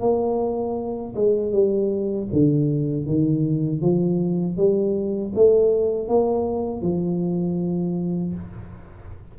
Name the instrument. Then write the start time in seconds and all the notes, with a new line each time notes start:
tuba
0.00 A#3
1.15 G#3
1.52 G3
2.32 D3
3.06 D#3
3.81 F3
4.56 G3
5.35 A3
6.08 A#3
6.81 F3